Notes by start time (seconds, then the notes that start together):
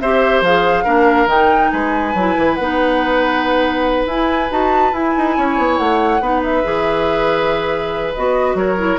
0.00 C4 G4 C5 E5
0.41 F3 G#4 F5
0.84 A#3 D4 A#4
1.26 D#3 D#4 G5
1.71 G#3 B4 G#5
2.14 F#3 E4
2.38 E3
2.55 B3 D#4 F#5
4.06 E4 G#5
4.51 D#4 F#4 A5
4.93 E4 G#5
5.17 D#4
5.37 C#4 C#5
5.58 B3
5.77 A3 F#5
6.20 B3 D#4 B4
6.43 E5
6.64 E3 G#4
8.15 B3 F#4 D#5
8.55 F#3 A#4 C#5
8.78 E4